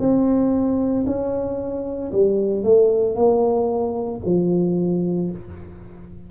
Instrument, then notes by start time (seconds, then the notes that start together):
tuba
0.00 C4
1.07 C#4
2.12 G3
2.64 A3
3.16 A#3
4.25 F3